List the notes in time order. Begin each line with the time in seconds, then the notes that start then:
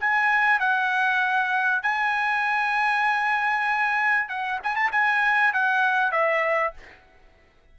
0.00 G#5
0.59 F#5
1.82 G#5
4.28 F#5
4.63 G#5
4.75 A5
4.91 G#5
5.53 F#5
6.12 E5